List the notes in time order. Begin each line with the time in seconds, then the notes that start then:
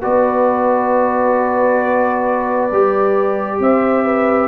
0.00 B3 F#4 B4 D5
2.71 G3 G4
3.59 C4 C5 E5
4.04 B4